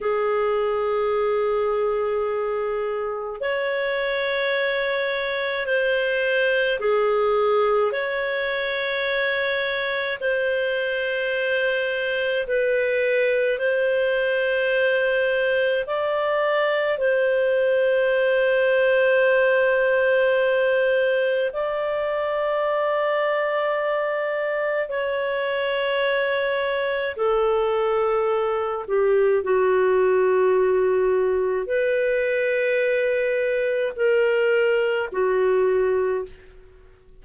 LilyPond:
\new Staff \with { instrumentName = "clarinet" } { \time 4/4 \tempo 4 = 53 gis'2. cis''4~ | cis''4 c''4 gis'4 cis''4~ | cis''4 c''2 b'4 | c''2 d''4 c''4~ |
c''2. d''4~ | d''2 cis''2 | a'4. g'8 fis'2 | b'2 ais'4 fis'4 | }